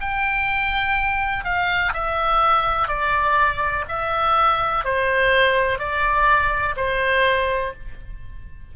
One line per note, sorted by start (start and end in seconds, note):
0.00 1.44 G5
1.44 1.93 F5
1.93 2.88 E5
2.88 3.84 D5
3.88 4.84 E5
4.84 5.78 C5
5.78 6.75 D5
6.76 7.73 C5